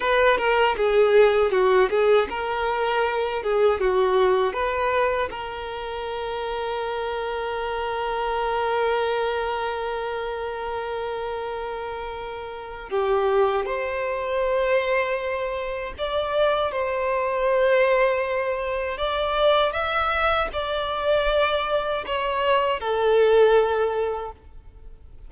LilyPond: \new Staff \with { instrumentName = "violin" } { \time 4/4 \tempo 4 = 79 b'8 ais'8 gis'4 fis'8 gis'8 ais'4~ | ais'8 gis'8 fis'4 b'4 ais'4~ | ais'1~ | ais'1~ |
ais'4 g'4 c''2~ | c''4 d''4 c''2~ | c''4 d''4 e''4 d''4~ | d''4 cis''4 a'2 | }